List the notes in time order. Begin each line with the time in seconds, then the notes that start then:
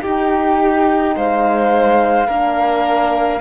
0.00 D#4 G4 G5
1.16 G#3 C5 F5
2.26 A#3 D4 A#4